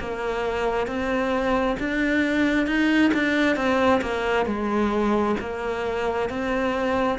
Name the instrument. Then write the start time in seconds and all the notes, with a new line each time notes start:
cello
0.00 A#3
0.87 C4
1.80 D4
2.67 D#4
3.14 D4
3.56 C4
4.02 A#3
4.46 G#3
5.40 A#3
6.29 C4